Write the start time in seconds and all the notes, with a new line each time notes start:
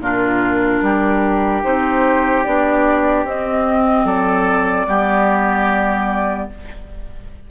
0.00 A#2 D4 F4 A#4
0.82 G3 G4
1.64 C4 D#4 C5
2.44 B3 D4 D5
3.24 C4 D#5
4.05 F#3 A4 D5
4.87 G3 B3 G4